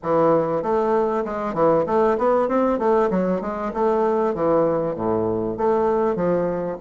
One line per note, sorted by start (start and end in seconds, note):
0.02 0.62 E3
0.62 1.24 A3
1.24 1.54 G#3
1.54 1.84 E3
1.86 2.17 A3
2.18 2.48 B3
2.48 2.78 C4
2.78 3.09 A3
3.10 3.41 F#3
3.41 3.72 G#3
3.73 4.34 A3
4.34 4.95 E3
4.95 5.57 A2
5.57 6.15 A3
6.15 6.77 F3